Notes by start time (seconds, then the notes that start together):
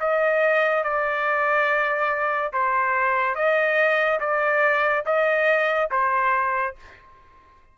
0.00 D#5
0.83 D5
2.53 C5
3.35 D#5
4.20 D5
5.06 D#5
5.91 C5